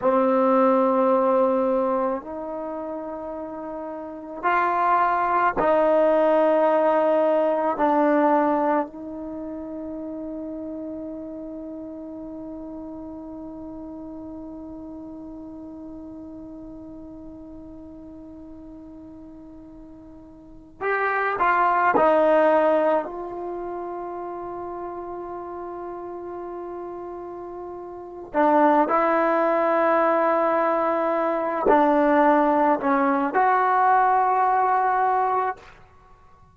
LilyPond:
\new Staff \with { instrumentName = "trombone" } { \time 4/4 \tempo 4 = 54 c'2 dis'2 | f'4 dis'2 d'4 | dis'1~ | dis'1~ |
dis'2~ dis'8. g'8 f'8 dis'16~ | dis'8. f'2.~ f'16~ | f'4. d'8 e'2~ | e'8 d'4 cis'8 fis'2 | }